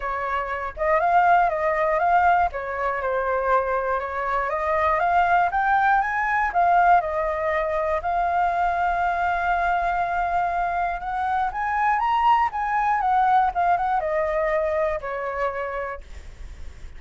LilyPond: \new Staff \with { instrumentName = "flute" } { \time 4/4 \tempo 4 = 120 cis''4. dis''8 f''4 dis''4 | f''4 cis''4 c''2 | cis''4 dis''4 f''4 g''4 | gis''4 f''4 dis''2 |
f''1~ | f''2 fis''4 gis''4 | ais''4 gis''4 fis''4 f''8 fis''8 | dis''2 cis''2 | }